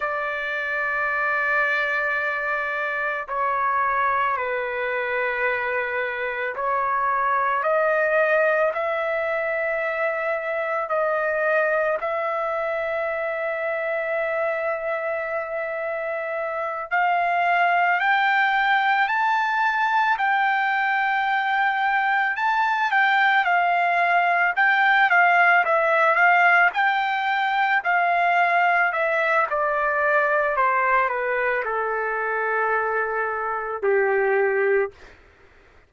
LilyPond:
\new Staff \with { instrumentName = "trumpet" } { \time 4/4 \tempo 4 = 55 d''2. cis''4 | b'2 cis''4 dis''4 | e''2 dis''4 e''4~ | e''2.~ e''8 f''8~ |
f''8 g''4 a''4 g''4.~ | g''8 a''8 g''8 f''4 g''8 f''8 e''8 | f''8 g''4 f''4 e''8 d''4 | c''8 b'8 a'2 g'4 | }